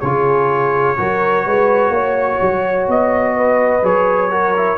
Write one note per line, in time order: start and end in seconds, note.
0.00 0.98 C#3
0.00 0.96 F4
0.00 0.95 G#4
0.00 2.86 C#5
0.96 1.46 F#3
0.96 3.82 F#4
0.96 1.45 A#4
1.45 1.90 G#3
1.45 1.92 B4
1.90 2.37 A#3
1.90 3.36 C#5
2.41 2.88 F#3
2.88 3.83 B3
2.88 3.85 D#5
3.36 4.31 B4
3.83 4.77 F#3
3.83 4.31 G#4
3.83 4.77 C#5
4.31 4.54 F#4
4.31 4.77 A#4
4.56 4.77 E4